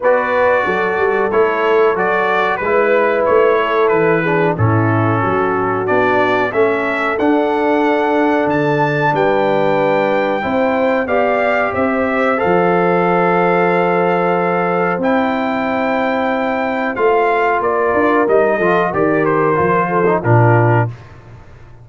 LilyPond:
<<
  \new Staff \with { instrumentName = "trumpet" } { \time 4/4 \tempo 4 = 92 d''2 cis''4 d''4 | b'4 cis''4 b'4 a'4~ | a'4 d''4 e''4 fis''4~ | fis''4 a''4 g''2~ |
g''4 f''4 e''4 f''4~ | f''2. g''4~ | g''2 f''4 d''4 | dis''4 d''8 c''4. ais'4 | }
  \new Staff \with { instrumentName = "horn" } { \time 4/4 b'4 a'2. | b'4. a'4 gis'8 e'4 | fis'2 a'2~ | a'2 b'2 |
c''4 d''4 c''2~ | c''1~ | c''2. ais'4~ | ais'8 a'8 ais'4. a'8 f'4 | }
  \new Staff \with { instrumentName = "trombone" } { \time 4/4 fis'2 e'4 fis'4 | e'2~ e'8 d'8 cis'4~ | cis'4 d'4 cis'4 d'4~ | d'1 |
e'4 g'2 a'4~ | a'2. e'4~ | e'2 f'2 | dis'8 f'8 g'4 f'8. dis'16 d'4 | }
  \new Staff \with { instrumentName = "tuba" } { \time 4/4 b4 fis8 g8 a4 fis4 | gis4 a4 e4 a,4 | fis4 b4 a4 d'4~ | d'4 d4 g2 |
c'4 b4 c'4 f4~ | f2. c'4~ | c'2 a4 ais8 d'8 | g8 f8 dis4 f4 ais,4 | }
>>